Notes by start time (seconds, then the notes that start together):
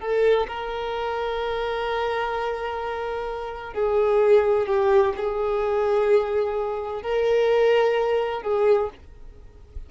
0.00 A4
0.48 A#4
3.74 G#4
4.67 G4
5.17 G#4
7.03 A#4
8.43 G#4